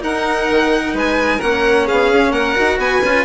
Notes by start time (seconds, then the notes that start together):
0.00 D#4 A#4 F#5
0.50 D#3
0.93 G#3 B4 G#5
1.37 A#3 C#4 A#4 F#5
1.86 B3 G#4 F5
2.11 C#4
2.31 A#3 A#4 F#5
2.55 D#4 F#4
2.78 B3 B4 G#5
3.04 C#4 F4